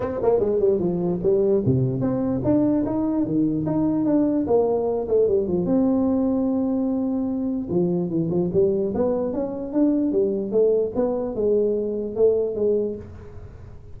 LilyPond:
\new Staff \with { instrumentName = "tuba" } { \time 4/4 \tempo 4 = 148 c'8 ais8 gis8 g8 f4 g4 | c4 c'4 d'4 dis'4 | dis4 dis'4 d'4 ais4~ | ais8 a8 g8 f8 c'2~ |
c'2. f4 | e8 f8 g4 b4 cis'4 | d'4 g4 a4 b4 | gis2 a4 gis4 | }